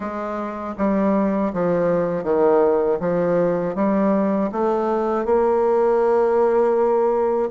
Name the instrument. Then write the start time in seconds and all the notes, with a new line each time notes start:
bassoon
0.00 G#3
0.77 G3
1.53 F3
2.23 D#3
3.00 F3
3.75 G3
4.51 A3
5.25 A#3